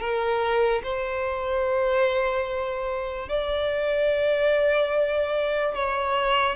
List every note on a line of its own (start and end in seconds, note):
0.00 0.82 A#4
0.83 3.29 C5
3.29 5.75 D5
5.75 6.56 C#5